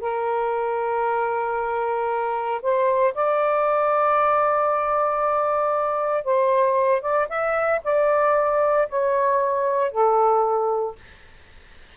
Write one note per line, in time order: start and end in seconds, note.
0.00 2.61 A#4
2.62 3.14 C5
3.14 6.24 D5
6.24 7.01 C5
7.01 7.27 D5
7.29 7.81 E5
7.84 8.88 D5
8.89 9.91 C#5
9.91 10.95 A4